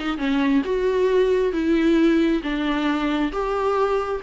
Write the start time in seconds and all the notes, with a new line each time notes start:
0.00 D#4
0.18 C#4
0.65 F#4
1.53 E4
2.43 D4
3.33 G4